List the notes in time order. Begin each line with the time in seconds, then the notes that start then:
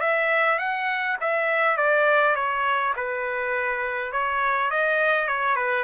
0.00 E5
0.59 F#5
1.20 E5
1.77 D5
2.35 C#5
2.96 B4
4.12 C#5
4.70 D#5
5.27 C#5
5.56 B4